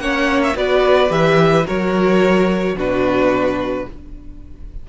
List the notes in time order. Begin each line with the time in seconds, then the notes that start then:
0.00 A#3 C#4 C#5 F#5
0.43 E5
0.54 B3 F#4 B4 D5
1.10 E3 G4 E5
1.66 F#3 F#4 A#4 C#5
2.75 B2 D4 F#4 B4